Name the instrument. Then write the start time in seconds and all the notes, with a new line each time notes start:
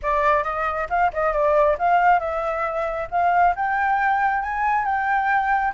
flute
0.02 D5
0.43 D#5
0.89 F5
1.13 D#5
1.33 D5
1.78 F5
2.19 E5
3.10 F5
3.55 G5
4.42 G#5
4.85 G5